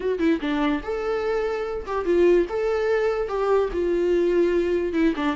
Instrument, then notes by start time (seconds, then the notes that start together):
viola
0.00 F#4
0.18 E4
0.40 D4
0.83 A4
1.86 G4
2.05 F4
2.49 A4
3.28 G4
3.72 F4
4.93 E4
5.16 D4